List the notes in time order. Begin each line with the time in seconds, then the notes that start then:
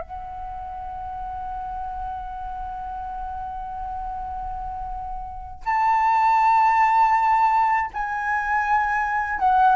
0.00 F#5
5.65 A5
7.93 G#5
9.39 F#5